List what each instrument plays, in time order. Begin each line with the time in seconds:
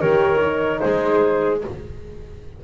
0.00 double bass D#3, horn G4, clarinet A#4, flute C#5
0.42 horn D#4
0.80 double bass G#3, clarinet G#4, flute C5